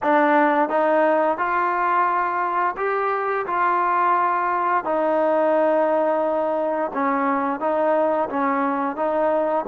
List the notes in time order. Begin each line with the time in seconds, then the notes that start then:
0.03 D4
0.69 D#4
1.37 F4
2.76 G4
3.46 F4
4.84 D#4
6.93 C#4
7.60 D#4
8.29 C#4
8.96 D#4